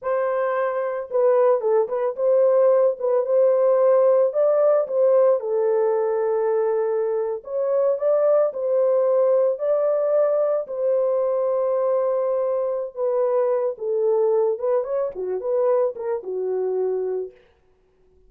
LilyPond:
\new Staff \with { instrumentName = "horn" } { \time 4/4 \tempo 4 = 111 c''2 b'4 a'8 b'8 | c''4. b'8 c''2 | d''4 c''4 a'2~ | a'4.~ a'16 cis''4 d''4 c''16~ |
c''4.~ c''16 d''2 c''16~ | c''1 | b'4. a'4. b'8 cis''8 | fis'8 b'4 ais'8 fis'2 | }